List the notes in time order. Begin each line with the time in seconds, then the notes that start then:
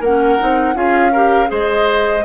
0.00 A#3 C#4 A#4 F#5
0.38 C4 D#4
0.74 C#4 F4 G#4 F5
1.12 G4 A#4
1.46 G#3 G#4 C5 D#5